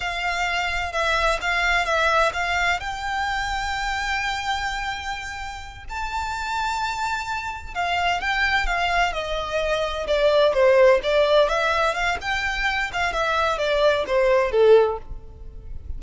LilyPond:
\new Staff \with { instrumentName = "violin" } { \time 4/4 \tempo 4 = 128 f''2 e''4 f''4 | e''4 f''4 g''2~ | g''1~ | g''8 a''2.~ a''8~ |
a''8 f''4 g''4 f''4 dis''8~ | dis''4. d''4 c''4 d''8~ | d''8 e''4 f''8 g''4. f''8 | e''4 d''4 c''4 a'4 | }